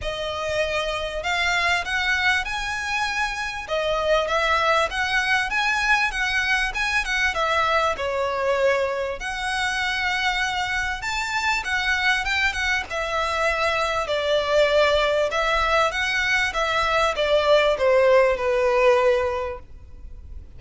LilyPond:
\new Staff \with { instrumentName = "violin" } { \time 4/4 \tempo 4 = 98 dis''2 f''4 fis''4 | gis''2 dis''4 e''4 | fis''4 gis''4 fis''4 gis''8 fis''8 | e''4 cis''2 fis''4~ |
fis''2 a''4 fis''4 | g''8 fis''8 e''2 d''4~ | d''4 e''4 fis''4 e''4 | d''4 c''4 b'2 | }